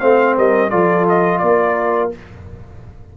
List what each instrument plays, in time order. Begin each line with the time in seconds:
0.00 tuba A3, trombone C4, horn C5, trumpet F5
0.37 tuba G3, horn A#4, trumpet D#5
0.70 tuba F3, trombone F4, horn A4, trumpet D5
1.09 trumpet D#5
1.39 tuba A#3, trumpet D5
1.47 horn A#4